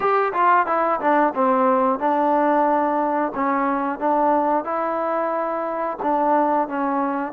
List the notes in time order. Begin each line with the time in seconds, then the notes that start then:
0.00 G4
0.33 F4
0.66 E4
1.00 D4
1.34 C4
1.99 D4
3.34 C#4
3.98 D4
4.64 E4
6.02 D4
6.68 C#4